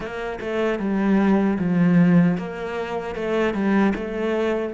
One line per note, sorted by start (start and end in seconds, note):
0.00 0.39 A#3
0.40 0.79 A3
0.79 1.58 G3
1.59 2.37 F3
2.37 3.15 A#3
3.15 3.53 A3
3.53 3.93 G3
3.95 4.74 A3